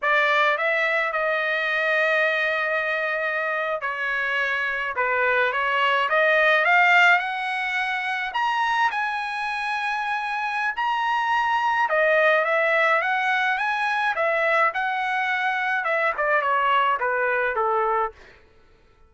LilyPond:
\new Staff \with { instrumentName = "trumpet" } { \time 4/4 \tempo 4 = 106 d''4 e''4 dis''2~ | dis''2~ dis''8. cis''4~ cis''16~ | cis''8. b'4 cis''4 dis''4 f''16~ | f''8. fis''2 ais''4 gis''16~ |
gis''2. ais''4~ | ais''4 dis''4 e''4 fis''4 | gis''4 e''4 fis''2 | e''8 d''8 cis''4 b'4 a'4 | }